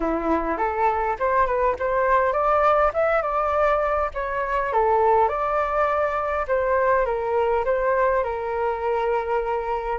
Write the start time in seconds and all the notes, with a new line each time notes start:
0.00 E4
0.57 A4
1.19 C5
1.46 B4
1.79 C5
2.32 D5
2.93 E5
3.22 D5
4.14 C#5
4.72 A4
5.28 D5
6.47 C5
7.05 A#4
7.64 C5
8.23 A#4